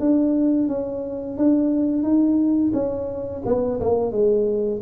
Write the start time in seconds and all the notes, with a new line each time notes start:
0.00 D4
0.69 C#4
1.38 D4
2.03 D#4
2.74 C#4
3.46 B3
3.81 A#3
4.12 G#3